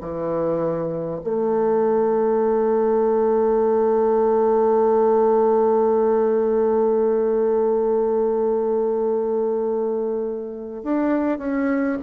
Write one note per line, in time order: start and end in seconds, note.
0.00 1.20 E3
1.23 10.83 A3
10.83 11.38 D4
11.38 11.98 C#4